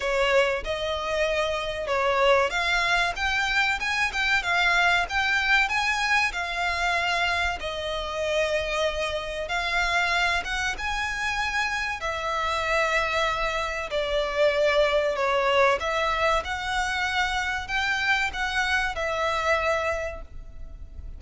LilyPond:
\new Staff \with { instrumentName = "violin" } { \time 4/4 \tempo 4 = 95 cis''4 dis''2 cis''4 | f''4 g''4 gis''8 g''8 f''4 | g''4 gis''4 f''2 | dis''2. f''4~ |
f''8 fis''8 gis''2 e''4~ | e''2 d''2 | cis''4 e''4 fis''2 | g''4 fis''4 e''2 | }